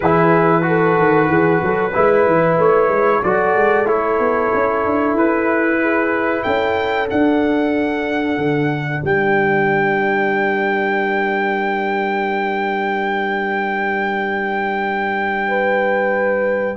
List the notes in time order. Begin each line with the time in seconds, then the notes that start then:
0.00 E3 E4 G#4 B4
0.62 F#4 A4
0.97 D#3
1.28 E3 G#4
1.61 F#3 A4
1.92 G#3 E4 B4
2.26 E3
2.58 A3 C#5
2.88 G#3
3.23 F#3 F#4 A4 D5
3.56 G#3
3.86 A3 E4 C#5
4.19 B3
4.53 C#4
4.85 D4
5.14 E4 B4
5.81 G#4
6.43 C#4 A4 G5
7.07 D4 F#5
8.37 D3
9.03 G3 A#4 G5
15.48 B4